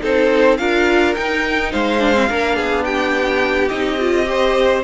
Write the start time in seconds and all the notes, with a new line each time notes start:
0.00 C4 D#4 A4 C5
0.57 D4 F4 A#4 F5
1.15 D#4 G5
1.71 G#3 C5 F5
2.00 D4
2.13 C4
2.28 A#3 D4 A#4
2.56 B3 G#4
2.84 G4 G5
3.68 C4 D#4 D#5
4.00 F4
4.25 G4 C5